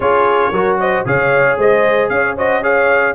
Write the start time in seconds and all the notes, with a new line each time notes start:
0.00 C#4 F4 G#4 C#5
0.52 F#3 F#4 A#4
0.79 C5 D#5
1.05 C#3 G#4 C#5 F5
1.57 G#3 C5 D#5
2.09 C#4 C#5 F5
2.37 F#4 C5 D#5
2.62 G#4 C#5 F5